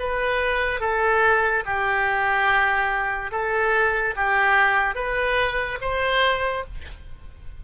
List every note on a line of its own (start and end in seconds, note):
0.00 0.81 B4
0.81 1.64 A4
1.66 3.32 G4
3.32 4.15 A4
4.16 4.95 G4
4.95 5.79 B4
5.81 6.64 C5